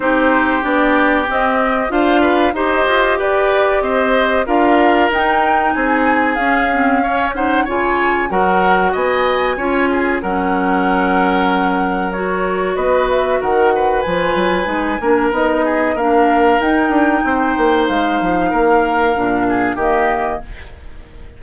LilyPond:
<<
  \new Staff \with { instrumentName = "flute" } { \time 4/4 \tempo 4 = 94 c''4 d''4 dis''4 f''4 | dis''4 d''4 dis''4 f''4 | g''4 gis''4 f''4. fis''8 | gis''4 fis''4 gis''2 |
fis''2. cis''4 | dis''8 e''8 fis''4 gis''2 | dis''4 f''4 g''2 | f''2. dis''4 | }
  \new Staff \with { instrumentName = "oboe" } { \time 4/4 g'2. c''8 b'8 | c''4 b'4 c''4 ais'4~ | ais'4 gis'2 cis''8 c''8 | cis''4 ais'4 dis''4 cis''8 gis'8 |
ais'1 | b'4 ais'8 b'2 ais'8~ | ais'8 gis'8 ais'2 c''4~ | c''4 ais'4. gis'8 g'4 | }
  \new Staff \with { instrumentName = "clarinet" } { \time 4/4 dis'4 d'4 c'4 f'4 | g'2. f'4 | dis'2 cis'8 c'8 cis'8 dis'8 | f'4 fis'2 f'4 |
cis'2. fis'4~ | fis'2 f'4 dis'8 d'8 | dis'4 d'4 dis'2~ | dis'2 d'4 ais4 | }
  \new Staff \with { instrumentName = "bassoon" } { \time 4/4 c'4 b4 c'4 d'4 | dis'8 f'8 g'4 c'4 d'4 | dis'4 c'4 cis'2 | cis4 fis4 b4 cis'4 |
fis1 | b4 dis4 f8 fis8 gis8 ais8 | b4 ais4 dis'8 d'8 c'8 ais8 | gis8 f8 ais4 ais,4 dis4 | }
>>